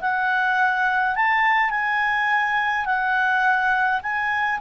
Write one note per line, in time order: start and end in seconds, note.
0.00 1.15 F#5
1.15 1.70 A5
1.70 2.85 G#5
2.85 4.00 F#5
4.02 4.60 G#5